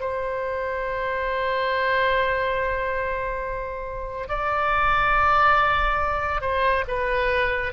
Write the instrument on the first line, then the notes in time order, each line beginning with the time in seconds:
oboe
0.00 C5
4.29 D5
6.41 C5
6.87 B4